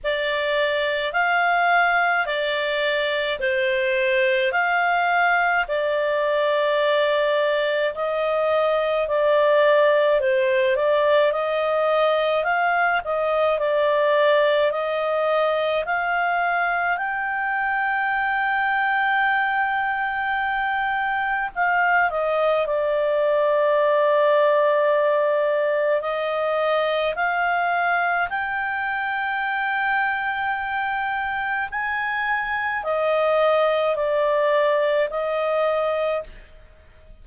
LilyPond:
\new Staff \with { instrumentName = "clarinet" } { \time 4/4 \tempo 4 = 53 d''4 f''4 d''4 c''4 | f''4 d''2 dis''4 | d''4 c''8 d''8 dis''4 f''8 dis''8 | d''4 dis''4 f''4 g''4~ |
g''2. f''8 dis''8 | d''2. dis''4 | f''4 g''2. | gis''4 dis''4 d''4 dis''4 | }